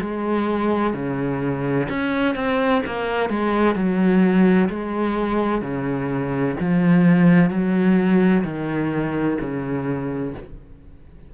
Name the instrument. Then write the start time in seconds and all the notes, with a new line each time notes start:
cello
0.00 G#3
0.93 C#3
1.89 C#4
2.35 C4
2.86 A#3
3.29 G#3
3.75 F#3
4.69 G#3
5.61 C#3
6.60 F3
7.50 F#3
8.44 D#3
9.40 C#3